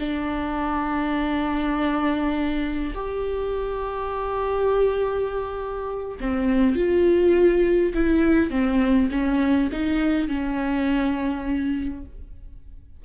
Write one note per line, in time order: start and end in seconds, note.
0.00 2.94 D4
2.95 6.18 G4
6.21 6.76 C4
6.76 7.94 F4
7.94 8.51 E4
8.51 9.10 C4
9.12 9.71 C#4
9.72 10.28 D#4
10.28 12.05 C#4